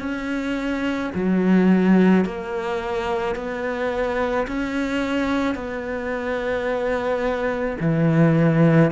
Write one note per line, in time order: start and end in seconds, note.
0.00 1.11 C#4
1.15 2.25 F#3
2.25 3.36 A#3
3.36 4.47 B3
4.47 5.55 C#4
5.55 7.77 B3
7.81 8.92 E3